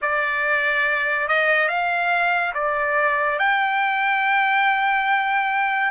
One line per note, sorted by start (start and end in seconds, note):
0.01 1.28 D5
1.28 1.68 D#5
1.68 2.53 F5
2.54 3.38 D5
3.38 5.91 G5